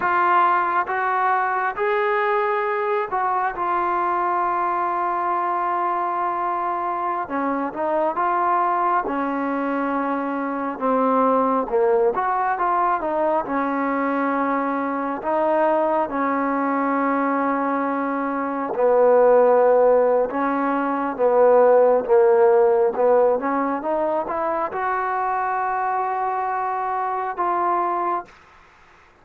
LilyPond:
\new Staff \with { instrumentName = "trombone" } { \time 4/4 \tempo 4 = 68 f'4 fis'4 gis'4. fis'8 | f'1~ | f'16 cis'8 dis'8 f'4 cis'4.~ cis'16~ | cis'16 c'4 ais8 fis'8 f'8 dis'8 cis'8.~ |
cis'4~ cis'16 dis'4 cis'4.~ cis'16~ | cis'4~ cis'16 b4.~ b16 cis'4 | b4 ais4 b8 cis'8 dis'8 e'8 | fis'2. f'4 | }